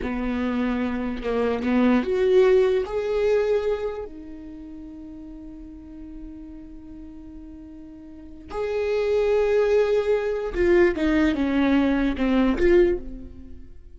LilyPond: \new Staff \with { instrumentName = "viola" } { \time 4/4 \tempo 4 = 148 b2. ais4 | b4 fis'2 gis'4~ | gis'2 dis'2~ | dis'1~ |
dis'1~ | dis'4 gis'2.~ | gis'2 f'4 dis'4 | cis'2 c'4 f'4 | }